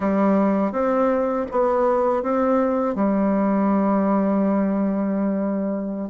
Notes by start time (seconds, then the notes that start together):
0.00 G3
0.71 C4
1.51 B3
2.22 C4
2.95 G3